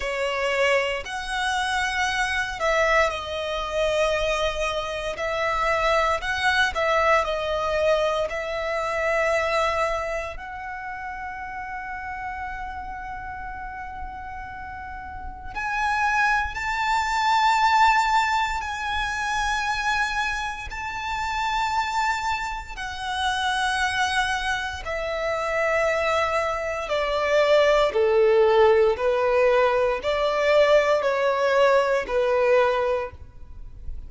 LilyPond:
\new Staff \with { instrumentName = "violin" } { \time 4/4 \tempo 4 = 58 cis''4 fis''4. e''8 dis''4~ | dis''4 e''4 fis''8 e''8 dis''4 | e''2 fis''2~ | fis''2. gis''4 |
a''2 gis''2 | a''2 fis''2 | e''2 d''4 a'4 | b'4 d''4 cis''4 b'4 | }